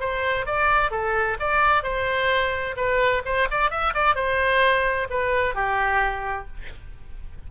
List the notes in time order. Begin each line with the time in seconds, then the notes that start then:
0.00 C5
0.46 D5
0.91 A4
1.40 D5
1.84 C5
2.76 B4
3.25 C5
3.51 D5
3.70 E5
3.94 D5
4.15 C5
5.10 B4
5.55 G4